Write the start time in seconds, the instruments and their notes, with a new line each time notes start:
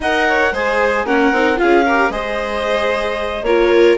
0.00 bassoon D#4, viola A#4, violin D#5, clarinet F#5
0.27 violin C#5
0.51 bassoon G#3, viola G#4, violin C5, clarinet G#5
1.04 bassoon A#3, viola C#4, violin A#4, clarinet F#5
1.32 bassoon C4, viola D#4
1.56 viola F4, violin G#4, clarinet F5
1.63 bassoon C#4
1.85 viola G4, violin A#4
2.09 bassoon G#3, viola G#4, violin C5, clarinet D#5
3.42 bassoon A#3, viola F4, violin A#4, clarinet C#5